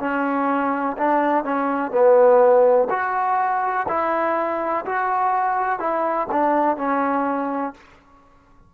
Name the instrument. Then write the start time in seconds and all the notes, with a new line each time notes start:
trombone
0.00 C#4
0.98 D4
1.44 C#4
1.91 B3
2.90 F#4
3.88 E4
4.86 F#4
5.79 E4
6.31 D4
6.77 C#4